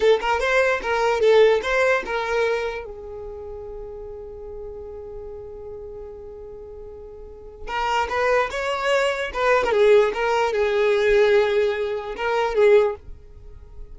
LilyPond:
\new Staff \with { instrumentName = "violin" } { \time 4/4 \tempo 4 = 148 a'8 ais'8 c''4 ais'4 a'4 | c''4 ais'2 gis'4~ | gis'1~ | gis'1~ |
gis'2. ais'4 | b'4 cis''2 b'8. ais'16 | gis'4 ais'4 gis'2~ | gis'2 ais'4 gis'4 | }